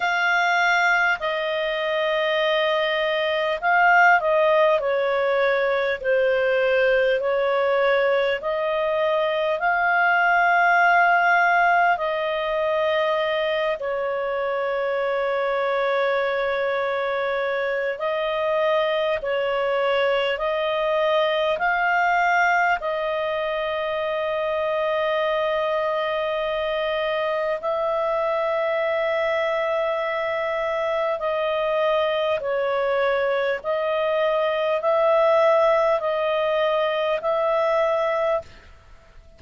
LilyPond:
\new Staff \with { instrumentName = "clarinet" } { \time 4/4 \tempo 4 = 50 f''4 dis''2 f''8 dis''8 | cis''4 c''4 cis''4 dis''4 | f''2 dis''4. cis''8~ | cis''2. dis''4 |
cis''4 dis''4 f''4 dis''4~ | dis''2. e''4~ | e''2 dis''4 cis''4 | dis''4 e''4 dis''4 e''4 | }